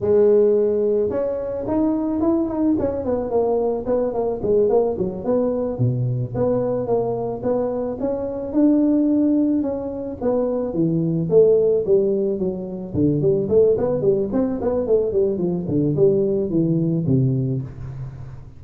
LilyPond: \new Staff \with { instrumentName = "tuba" } { \time 4/4 \tempo 4 = 109 gis2 cis'4 dis'4 | e'8 dis'8 cis'8 b8 ais4 b8 ais8 | gis8 ais8 fis8 b4 b,4 b8~ | b8 ais4 b4 cis'4 d'8~ |
d'4. cis'4 b4 e8~ | e8 a4 g4 fis4 d8 | g8 a8 b8 g8 c'8 b8 a8 g8 | f8 d8 g4 e4 c4 | }